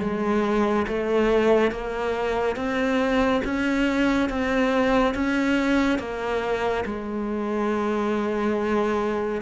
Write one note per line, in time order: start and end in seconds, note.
0.00 0.86 G#3
0.87 1.71 A3
1.71 2.56 A#3
2.56 3.41 C4
3.44 4.29 C#4
4.29 5.14 C4
5.14 5.99 C#4
5.99 6.85 A#3
6.85 9.41 G#3